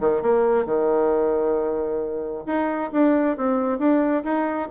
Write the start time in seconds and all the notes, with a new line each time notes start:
0.00 D#3
0.22 A#3
0.65 D#3
2.46 D#4
2.92 D4
3.37 C4
3.78 D4
4.23 D#4